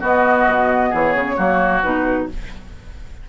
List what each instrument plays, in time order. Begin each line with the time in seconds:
0.00 clarinet B3, bassoon B3, oboe F#4, flute D#5
0.47 bassoon B2
0.90 bassoon E3, oboe G#4, flute C#5
1.15 bassoon C#3
1.36 bassoon F#3, clarinet A#3, oboe F#4
1.82 bassoon B2, clarinet D#4, flute B4